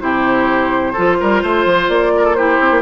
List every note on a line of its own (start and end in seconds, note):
0.00 0.94 C3
0.00 0.94 E4
0.00 0.92 G4
0.00 1.88 C5
0.92 1.21 F3
0.92 2.37 F4
0.92 1.16 A4
1.20 1.43 G3
1.20 1.42 A#4
1.42 1.65 A3
1.42 2.12 C5
1.65 1.88 F3
1.88 2.59 A#3
1.88 2.34 D5
2.17 2.24 A#4
2.24 2.36 A4
2.34 2.82 E4
2.34 2.82 G4
2.34 2.81 C5
2.60 2.70 C4
2.70 2.82 A#3